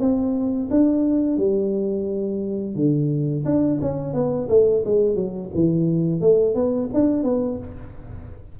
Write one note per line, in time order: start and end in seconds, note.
0.00 0.69 C4
0.71 1.38 D4
1.38 2.76 G3
2.76 3.45 D3
3.45 3.80 D4
3.82 4.14 C#4
4.14 4.48 B3
4.49 4.83 A3
4.85 5.15 G#3
5.15 5.50 F#3
5.55 6.21 E3
6.21 6.55 A3
6.55 6.90 B3
6.94 7.24 D4
7.24 7.58 B3